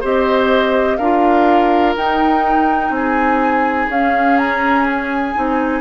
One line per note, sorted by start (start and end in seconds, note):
0.00 0.98 C4
0.00 0.99 G4
0.00 0.97 C5
0.00 0.97 D#5
0.97 1.95 D4
0.97 1.96 F4
0.97 2.91 A#4
0.97 1.93 F5
1.96 2.90 D#4
1.96 3.90 D#4
1.96 2.93 G5
2.90 3.87 C4
2.90 3.90 G#5
2.96 5.81 G#4
3.89 5.34 C#4
3.89 4.38 F5
4.38 4.86 A#5
4.87 5.81 G#5
5.34 5.81 C4
5.34 5.81 D#4